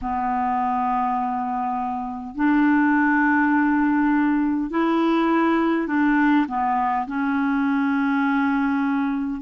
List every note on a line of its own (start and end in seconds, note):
0.01 2.35 B3
2.35 4.70 D4
4.70 5.87 E4
5.87 6.45 D4
6.48 7.06 B3
7.07 9.41 C#4